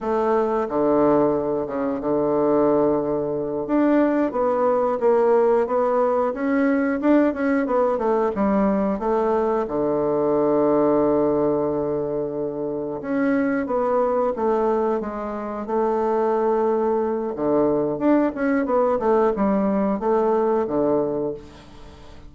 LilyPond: \new Staff \with { instrumentName = "bassoon" } { \time 4/4 \tempo 4 = 90 a4 d4. cis8 d4~ | d4. d'4 b4 ais8~ | ais8 b4 cis'4 d'8 cis'8 b8 | a8 g4 a4 d4.~ |
d2.~ d8 cis'8~ | cis'8 b4 a4 gis4 a8~ | a2 d4 d'8 cis'8 | b8 a8 g4 a4 d4 | }